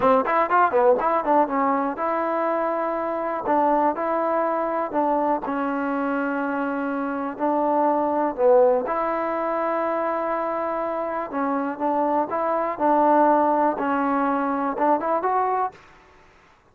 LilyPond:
\new Staff \with { instrumentName = "trombone" } { \time 4/4 \tempo 4 = 122 c'8 e'8 f'8 b8 e'8 d'8 cis'4 | e'2. d'4 | e'2 d'4 cis'4~ | cis'2. d'4~ |
d'4 b4 e'2~ | e'2. cis'4 | d'4 e'4 d'2 | cis'2 d'8 e'8 fis'4 | }